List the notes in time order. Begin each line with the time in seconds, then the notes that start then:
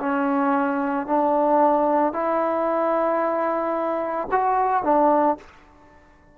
0.00 C#4
1.07 D4
2.13 E4
4.31 F#4
4.84 D4